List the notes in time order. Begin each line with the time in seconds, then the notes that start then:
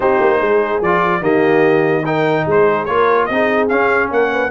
0.00 C4 D#4 G4 C5
0.20 A#3
0.38 G#3 G#4
0.81 F3 F4 D5
1.20 D#3 A#3 G4 D#5
2.05 D#4 A#4 G5
2.45 G#3 G#4 C5
2.85 A#3 F4 A#4 C#5
3.25 C4 D#4 D#5
3.31 G#4
3.68 C#4 F5
4.10 A#3 A#4 F#5
4.31 B4